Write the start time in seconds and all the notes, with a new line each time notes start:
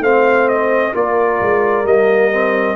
0.00 A3 C4 C5 F5
0.48 D#5
0.94 A#3 F4 A#4 D5
1.41 G#3
1.84 G3 A#3 D#5
2.31 C4